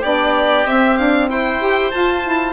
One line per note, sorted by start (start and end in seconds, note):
0.00 0.65 B3
0.00 0.65 D4
0.00 1.26 G4
0.00 0.66 D5
0.65 0.97 C4
0.65 1.59 C4
0.65 0.97 E5
0.97 1.29 D4
0.97 1.28 F5
1.29 1.92 E4
1.29 2.52 C5
1.29 1.91 G5
1.59 1.91 G4
1.91 2.23 F4
1.91 2.52 F4
1.91 2.52 A5
2.23 2.52 E4